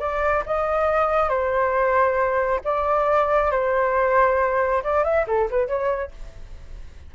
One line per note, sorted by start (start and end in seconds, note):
0.00 0.44 D5
0.46 1.29 D#5
1.29 2.61 C5
2.65 3.52 D5
3.52 4.83 C5
4.84 5.04 D5
5.04 5.26 E5
5.28 5.50 A4
5.51 5.68 B4
5.68 6.12 C#5